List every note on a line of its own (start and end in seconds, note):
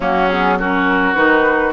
0.00 1.14 F#3
0.00 0.28 A#3
0.00 0.58 C#4
0.00 0.28 F#4
0.28 0.59 B3
0.28 0.57 G#4
0.59 1.15 C#4
0.59 1.73 F#4
0.59 1.14 A#4
1.14 1.73 D#3
1.14 1.73 D#4
1.14 1.72 B4